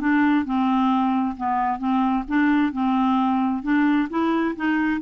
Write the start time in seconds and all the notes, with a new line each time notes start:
0.00 D4
0.45 C4
1.37 B3
1.79 C4
2.28 D4
2.72 C4
3.63 D4
4.10 E4
4.56 D#4